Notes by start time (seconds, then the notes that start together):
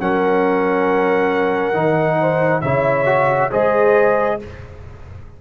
0.00 F#3 C#4 A#4 F#5
1.73 D#3 D#4
2.20 C5
2.61 C#3 E4 C#5 E5
3.05 F#4
3.51 G#3 G#4 C5 D#5